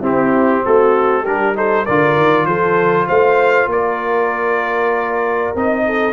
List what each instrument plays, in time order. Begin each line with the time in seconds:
0.00 tuba C4, trombone C4, horn E4, trumpet G4
0.65 tuba A3, horn F#4, trumpet A4
1.23 tuba G3, trombone D4, horn G4, trumpet A#4
1.55 trombone D#4, horn A4, trumpet C5
1.85 tuba D3, trombone F4, horn A#4, trumpet D5
2.17 tuba D#3
2.46 tuba F3, horn A4, trumpet C5
3.07 tuba A3, horn C5, trumpet F5
3.66 tuba A#3, horn A#4, trumpet D5
5.55 tuba C4, trombone D#4, trumpet D#5
5.86 horn A4